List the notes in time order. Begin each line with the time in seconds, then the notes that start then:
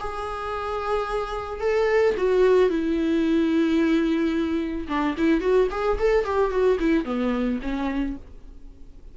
0.00 G#4
1.60 A4
2.17 F#4
2.70 E4
4.89 D4
5.18 E4
5.41 F#4
5.71 G#4
5.99 A4
6.25 G4
6.51 F#4
6.80 E4
7.05 B3
7.62 C#4